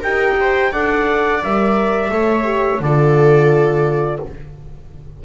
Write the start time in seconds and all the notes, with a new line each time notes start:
0.00 D#4 G4 A#4 G5
0.40 C5
0.71 D4 A4 D5 F#5
1.43 G3 A#4 E5
2.09 A3 A4 C#5
2.43 G4
2.79 D3 F4 A4 D5